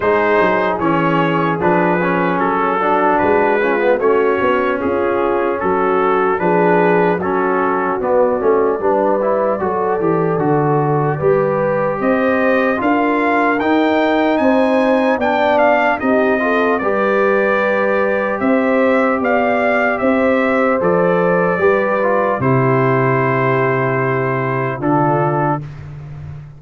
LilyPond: <<
  \new Staff \with { instrumentName = "trumpet" } { \time 4/4 \tempo 4 = 75 c''4 cis''4 b'4 a'4 | b'4 cis''4 gis'4 a'4 | b'4 a'4 d''2~ | d''2. dis''4 |
f''4 g''4 gis''4 g''8 f''8 | dis''4 d''2 e''4 | f''4 e''4 d''2 | c''2. a'4 | }
  \new Staff \with { instrumentName = "horn" } { \time 4/4 gis'2.~ gis'8 fis'8~ | fis'8 f'8 fis'4 f'4 fis'4 | gis'4 fis'2 b'4 | a'2 b'4 c''4 |
ais'2 c''4 d''4 | g'8 a'8 b'2 c''4 | d''4 c''2 b'4 | g'2. f'4 | }
  \new Staff \with { instrumentName = "trombone" } { \time 4/4 dis'4 cis'4 d'8 cis'4 d'8~ | d'8 cis'16 b16 cis'2. | d'4 cis'4 b8 cis'8 d'8 e'8 | fis'8 g'8 fis'4 g'2 |
f'4 dis'2 d'4 | dis'8 f'8 g'2.~ | g'2 a'4 g'8 f'8 | e'2. d'4 | }
  \new Staff \with { instrumentName = "tuba" } { \time 4/4 gis8 fis8 e4 f4 fis4 | gis4 a8 b8 cis'4 fis4 | f4 fis4 b8 a8 g4 | fis8 e8 d4 g4 c'4 |
d'4 dis'4 c'4 b4 | c'4 g2 c'4 | b4 c'4 f4 g4 | c2. d4 | }
>>